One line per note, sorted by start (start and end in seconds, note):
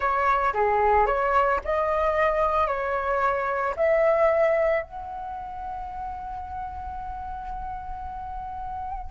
0.00 0.53 C#5
0.53 1.06 G#4
1.06 1.59 C#5
1.64 2.67 D#5
2.67 3.74 C#5
3.76 4.83 E5
4.83 9.10 F#5